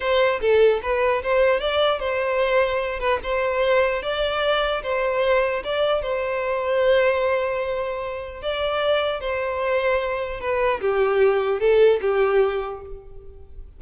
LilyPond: \new Staff \with { instrumentName = "violin" } { \time 4/4 \tempo 4 = 150 c''4 a'4 b'4 c''4 | d''4 c''2~ c''8 b'8 | c''2 d''2 | c''2 d''4 c''4~ |
c''1~ | c''4 d''2 c''4~ | c''2 b'4 g'4~ | g'4 a'4 g'2 | }